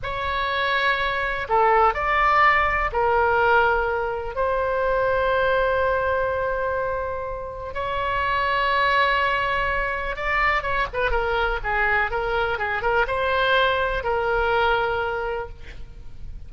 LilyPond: \new Staff \with { instrumentName = "oboe" } { \time 4/4 \tempo 4 = 124 cis''2. a'4 | d''2 ais'2~ | ais'4 c''2.~ | c''1 |
cis''1~ | cis''4 d''4 cis''8 b'8 ais'4 | gis'4 ais'4 gis'8 ais'8 c''4~ | c''4 ais'2. | }